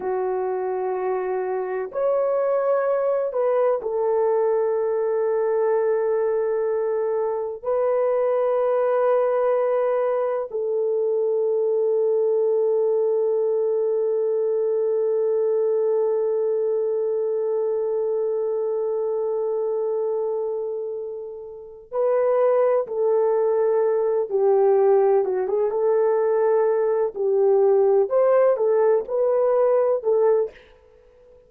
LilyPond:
\new Staff \with { instrumentName = "horn" } { \time 4/4 \tempo 4 = 63 fis'2 cis''4. b'8 | a'1 | b'2. a'4~ | a'1~ |
a'1~ | a'2. b'4 | a'4. g'4 fis'16 gis'16 a'4~ | a'8 g'4 c''8 a'8 b'4 a'8 | }